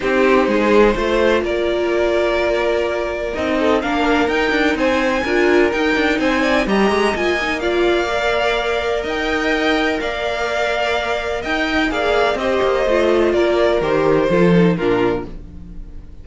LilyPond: <<
  \new Staff \with { instrumentName = "violin" } { \time 4/4 \tempo 4 = 126 c''2. d''4~ | d''2. dis''4 | f''4 g''4 gis''2 | g''4 gis''4 ais''4 gis''4 |
f''2. g''4~ | g''4 f''2. | g''4 f''4 dis''2 | d''4 c''2 ais'4 | }
  \new Staff \with { instrumentName = "violin" } { \time 4/4 g'4 gis'4 c''4 ais'4~ | ais'2.~ ais'8 a'8 | ais'2 c''4 ais'4~ | ais'4 c''8 d''8 dis''2 |
d''2. dis''4~ | dis''4 d''2. | dis''4 d''4 c''2 | ais'2 a'4 f'4 | }
  \new Staff \with { instrumentName = "viola" } { \time 4/4 dis'2 f'2~ | f'2. dis'4 | d'4 dis'2 f'4 | dis'2 g'4 f'8 dis'8 |
f'4 ais'2.~ | ais'1~ | ais'4 gis'4 g'4 f'4~ | f'4 g'4 f'8 dis'8 d'4 | }
  \new Staff \with { instrumentName = "cello" } { \time 4/4 c'4 gis4 a4 ais4~ | ais2. c'4 | ais4 dis'8 d'8 c'4 d'4 | dis'8 d'8 c'4 g8 gis8 ais4~ |
ais2. dis'4~ | dis'4 ais2. | dis'4 ais4 c'8 ais8 a4 | ais4 dis4 f4 ais,4 | }
>>